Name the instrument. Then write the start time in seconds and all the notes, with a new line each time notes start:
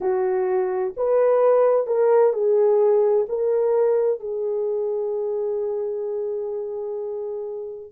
horn
0.00 F#4
0.96 B4
1.86 A#4
2.33 G#4
3.28 A#4
4.19 G#4